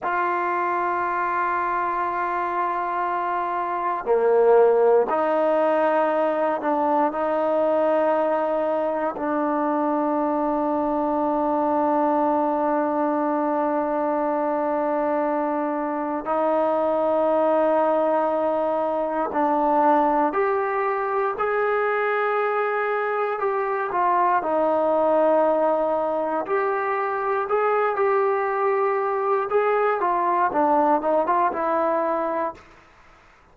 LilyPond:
\new Staff \with { instrumentName = "trombone" } { \time 4/4 \tempo 4 = 59 f'1 | ais4 dis'4. d'8 dis'4~ | dis'4 d'2.~ | d'1 |
dis'2. d'4 | g'4 gis'2 g'8 f'8 | dis'2 g'4 gis'8 g'8~ | g'4 gis'8 f'8 d'8 dis'16 f'16 e'4 | }